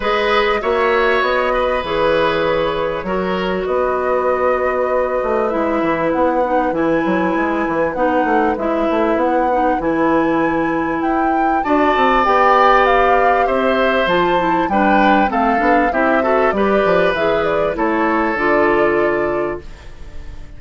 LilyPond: <<
  \new Staff \with { instrumentName = "flute" } { \time 4/4 \tempo 4 = 98 dis''4 e''4 dis''4 cis''4~ | cis''2 dis''2~ | dis''4 e''4 fis''4 gis''4~ | gis''4 fis''4 e''4 fis''4 |
gis''2 g''4 a''4 | g''4 f''4 e''4 a''4 | g''4 f''4 e''4 d''4 | e''8 d''8 cis''4 d''2 | }
  \new Staff \with { instrumentName = "oboe" } { \time 4/4 b'4 cis''4. b'4.~ | b'4 ais'4 b'2~ | b'1~ | b'1~ |
b'2. d''4~ | d''2 c''2 | b'4 a'4 g'8 a'8 b'4~ | b'4 a'2. | }
  \new Staff \with { instrumentName = "clarinet" } { \time 4/4 gis'4 fis'2 gis'4~ | gis'4 fis'2.~ | fis'4 e'4. dis'8 e'4~ | e'4 dis'4 e'4. dis'8 |
e'2. fis'4 | g'2. f'8 e'8 | d'4 c'8 d'8 e'8 fis'8 g'4 | gis'4 e'4 f'2 | }
  \new Staff \with { instrumentName = "bassoon" } { \time 4/4 gis4 ais4 b4 e4~ | e4 fis4 b2~ | b8 a8 gis8 e8 b4 e8 fis8 | gis8 e8 b8 a8 gis8 a8 b4 |
e2 e'4 d'8 c'8 | b2 c'4 f4 | g4 a8 b8 c'4 g8 f8 | e4 a4 d2 | }
>>